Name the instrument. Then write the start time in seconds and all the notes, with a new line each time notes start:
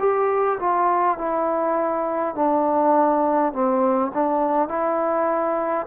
trombone
0.00 G4
0.60 F4
1.19 E4
2.35 D4
3.53 C4
4.14 D4
4.69 E4